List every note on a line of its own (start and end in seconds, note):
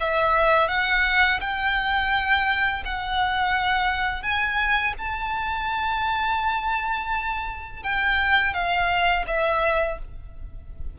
0.00 0.68 E5
0.68 1.39 F#5
1.40 2.83 G5
2.85 4.22 F#5
4.22 4.94 G#5
4.98 7.82 A5
7.82 8.53 G5
8.53 9.25 F5
9.27 9.98 E5